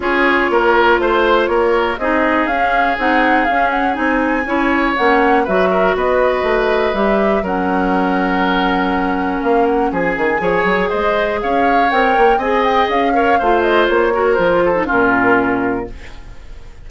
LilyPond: <<
  \new Staff \with { instrumentName = "flute" } { \time 4/4 \tempo 4 = 121 cis''2 c''4 cis''4 | dis''4 f''4 fis''4 f''8 fis''8 | gis''2 fis''4 e''4 | dis''2 e''4 fis''4~ |
fis''2. f''8 fis''8 | gis''2 dis''4 f''4 | g''4 gis''8 g''8 f''4. dis''8 | cis''4 c''4 ais'2 | }
  \new Staff \with { instrumentName = "oboe" } { \time 4/4 gis'4 ais'4 c''4 ais'4 | gis'1~ | gis'4 cis''2 b'8 ais'8 | b'2. ais'4~ |
ais'1 | gis'4 cis''4 c''4 cis''4~ | cis''4 dis''4. cis''8 c''4~ | c''8 ais'4 a'8 f'2 | }
  \new Staff \with { instrumentName = "clarinet" } { \time 4/4 f'1 | dis'4 cis'4 dis'4 cis'4 | dis'4 e'4 cis'4 fis'4~ | fis'2 g'4 cis'4~ |
cis'1~ | cis'4 gis'2. | ais'4 gis'4. ais'8 f'4~ | f'8 fis'8 f'8. dis'16 cis'2 | }
  \new Staff \with { instrumentName = "bassoon" } { \time 4/4 cis'4 ais4 a4 ais4 | c'4 cis'4 c'4 cis'4 | c'4 cis'4 ais4 fis4 | b4 a4 g4 fis4~ |
fis2. ais4 | f8 dis8 f8 fis8 gis4 cis'4 | c'8 ais8 c'4 cis'4 a4 | ais4 f4 ais,2 | }
>>